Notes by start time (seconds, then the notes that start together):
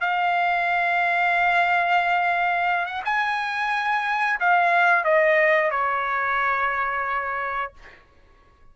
0.00 F5
2.85 F#5
3.05 G#5
4.40 F5
5.04 D#5
5.70 C#5